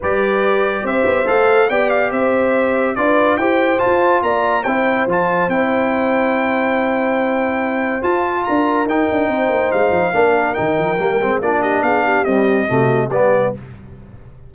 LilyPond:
<<
  \new Staff \with { instrumentName = "trumpet" } { \time 4/4 \tempo 4 = 142 d''2 e''4 f''4 | g''8 f''8 e''2 d''4 | g''4 a''4 ais''4 g''4 | a''4 g''2.~ |
g''2. a''4 | ais''4 g''2 f''4~ | f''4 g''2 d''8 dis''8 | f''4 dis''2 d''4 | }
  \new Staff \with { instrumentName = "horn" } { \time 4/4 b'2 c''2 | d''4 c''2 b'4 | c''2 d''4 c''4~ | c''1~ |
c''1 | ais'2 c''2 | ais'2. f'8 g'8 | gis'8 g'4. fis'4 g'4 | }
  \new Staff \with { instrumentName = "trombone" } { \time 4/4 g'2. a'4 | g'2. f'4 | g'4 f'2 e'4 | f'4 e'2.~ |
e'2. f'4~ | f'4 dis'2. | d'4 dis'4 ais8 c'8 d'4~ | d'4 g4 a4 b4 | }
  \new Staff \with { instrumentName = "tuba" } { \time 4/4 g2 c'8 b8 a4 | b4 c'2 d'4 | e'4 f'4 ais4 c'4 | f4 c'2.~ |
c'2. f'4 | d'4 dis'8 d'8 c'8 ais8 gis8 f8 | ais4 dis8 f8 g8 gis8 ais4 | b4 c'4 c4 g4 | }
>>